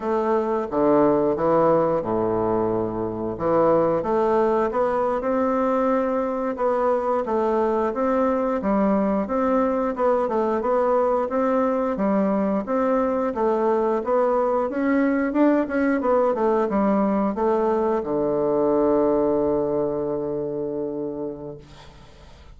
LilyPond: \new Staff \with { instrumentName = "bassoon" } { \time 4/4 \tempo 4 = 89 a4 d4 e4 a,4~ | a,4 e4 a4 b8. c'16~ | c'4.~ c'16 b4 a4 c'16~ | c'8. g4 c'4 b8 a8 b16~ |
b8. c'4 g4 c'4 a16~ | a8. b4 cis'4 d'8 cis'8 b16~ | b16 a8 g4 a4 d4~ d16~ | d1 | }